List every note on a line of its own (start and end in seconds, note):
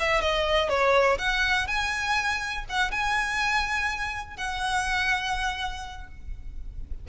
0.00 0.22 E5
0.22 0.69 D#5
0.69 1.18 C#5
1.19 1.67 F#5
1.68 2.65 G#5
2.69 2.92 F#5
2.92 4.37 G#5
4.37 6.08 F#5